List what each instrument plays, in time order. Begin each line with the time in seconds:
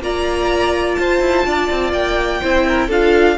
0.00 cello A#3, viola F4, violin D5 A#5
0.95 cello F4, violin C5 A5
1.21 cello E4
1.46 cello D4, violin D5
1.71 cello C4
1.93 cello A#3, violin G5
2.42 cello C4, viola E4, violin C5
2.68 violin A#4
2.88 cello D4, viola F4, violin A4 F5